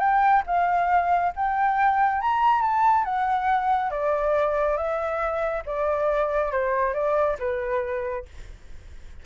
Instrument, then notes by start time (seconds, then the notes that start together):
flute
0.00 G5
0.47 F5
1.36 G5
2.22 A#5
2.62 A5
3.05 F#5
3.91 D5
4.77 E5
5.66 D5
6.52 C5
6.94 D5
7.39 B4